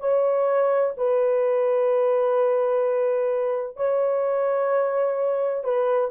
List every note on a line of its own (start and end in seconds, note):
0.00 0.94 C#5
0.97 3.76 B4
3.76 5.64 C#5
5.64 6.11 B4